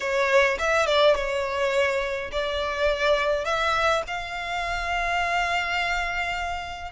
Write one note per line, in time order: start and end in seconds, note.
0.00 0.57 C#5
0.58 0.86 E5
0.86 1.15 D5
1.15 2.30 C#5
2.31 3.44 D5
3.44 4.02 E5
4.07 6.91 F5